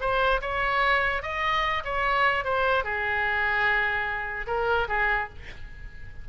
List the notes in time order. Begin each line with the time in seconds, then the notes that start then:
0.00 C5
0.41 C#5
1.22 D#5
1.84 C#5
2.44 C5
2.84 G#4
4.46 A#4
4.88 G#4